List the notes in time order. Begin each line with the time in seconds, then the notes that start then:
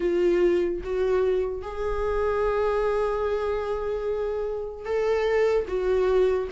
0.00 F4
0.83 F#4
1.62 G#4
4.85 A4
5.67 F#4